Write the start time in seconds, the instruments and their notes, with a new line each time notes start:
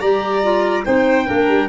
0.00 tuba G3, clarinet G4, violin D5, trumpet A#5
0.43 clarinet F4
0.85 tuba C4, clarinet D#4, violin C5, trumpet G5
1.27 tuba A#3, clarinet D4, violin A#4
1.49 tuba G3